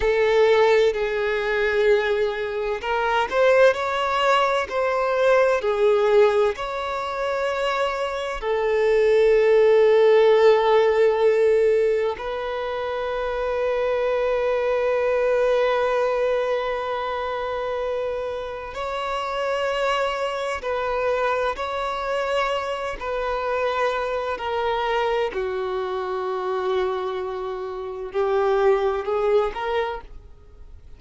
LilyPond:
\new Staff \with { instrumentName = "violin" } { \time 4/4 \tempo 4 = 64 a'4 gis'2 ais'8 c''8 | cis''4 c''4 gis'4 cis''4~ | cis''4 a'2.~ | a'4 b'2.~ |
b'1 | cis''2 b'4 cis''4~ | cis''8 b'4. ais'4 fis'4~ | fis'2 g'4 gis'8 ais'8 | }